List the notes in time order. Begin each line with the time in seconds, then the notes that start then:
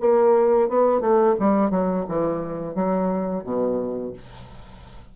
0.00 A#3
0.68 B3
1.00 A3
1.39 G3
1.70 F#3
2.08 E3
2.75 F#3
3.44 B2